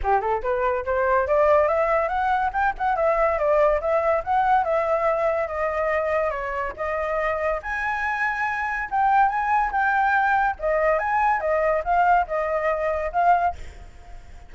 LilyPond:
\new Staff \with { instrumentName = "flute" } { \time 4/4 \tempo 4 = 142 g'8 a'8 b'4 c''4 d''4 | e''4 fis''4 g''8 fis''8 e''4 | d''4 e''4 fis''4 e''4~ | e''4 dis''2 cis''4 |
dis''2 gis''2~ | gis''4 g''4 gis''4 g''4~ | g''4 dis''4 gis''4 dis''4 | f''4 dis''2 f''4 | }